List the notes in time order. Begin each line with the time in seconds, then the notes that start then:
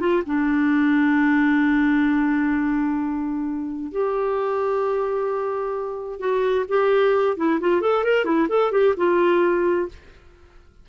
0.00 F4
0.26 D4
3.91 G4
6.20 F#4
6.68 G4
7.37 E4
7.60 F4
7.81 A4
8.04 A#4
8.25 E4
8.49 A4
8.71 G4
8.97 F4